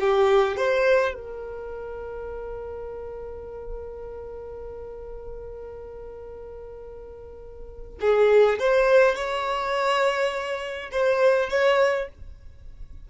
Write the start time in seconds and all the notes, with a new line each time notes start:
0.00 G4
0.57 C5
1.15 A#4
8.01 G#4
8.59 C5
9.16 C#5
10.92 C5
11.50 C#5